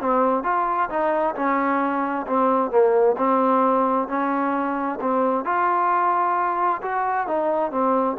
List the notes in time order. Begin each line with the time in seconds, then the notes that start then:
0.00 C4
0.43 F4
0.89 D#4
1.35 C#4
2.26 C4
2.70 A#3
3.17 C4
4.08 C#4
5.01 C4
5.45 F4
6.82 F#4
7.27 D#4
7.71 C4